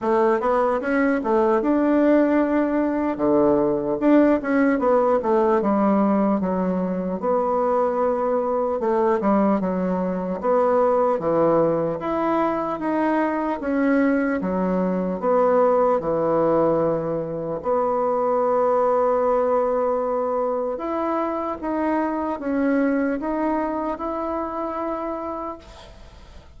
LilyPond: \new Staff \with { instrumentName = "bassoon" } { \time 4/4 \tempo 4 = 75 a8 b8 cis'8 a8 d'2 | d4 d'8 cis'8 b8 a8 g4 | fis4 b2 a8 g8 | fis4 b4 e4 e'4 |
dis'4 cis'4 fis4 b4 | e2 b2~ | b2 e'4 dis'4 | cis'4 dis'4 e'2 | }